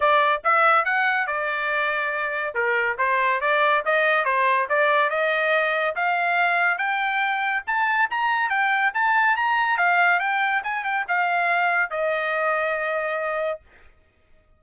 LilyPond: \new Staff \with { instrumentName = "trumpet" } { \time 4/4 \tempo 4 = 141 d''4 e''4 fis''4 d''4~ | d''2 ais'4 c''4 | d''4 dis''4 c''4 d''4 | dis''2 f''2 |
g''2 a''4 ais''4 | g''4 a''4 ais''4 f''4 | g''4 gis''8 g''8 f''2 | dis''1 | }